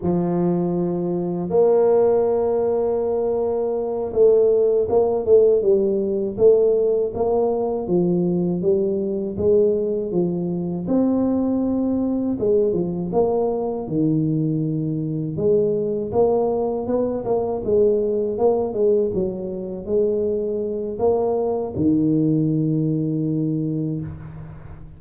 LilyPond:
\new Staff \with { instrumentName = "tuba" } { \time 4/4 \tempo 4 = 80 f2 ais2~ | ais4. a4 ais8 a8 g8~ | g8 a4 ais4 f4 g8~ | g8 gis4 f4 c'4.~ |
c'8 gis8 f8 ais4 dis4.~ | dis8 gis4 ais4 b8 ais8 gis8~ | gis8 ais8 gis8 fis4 gis4. | ais4 dis2. | }